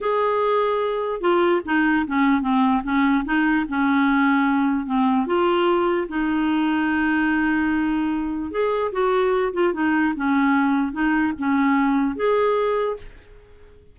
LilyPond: \new Staff \with { instrumentName = "clarinet" } { \time 4/4 \tempo 4 = 148 gis'2. f'4 | dis'4 cis'4 c'4 cis'4 | dis'4 cis'2. | c'4 f'2 dis'4~ |
dis'1~ | dis'4 gis'4 fis'4. f'8 | dis'4 cis'2 dis'4 | cis'2 gis'2 | }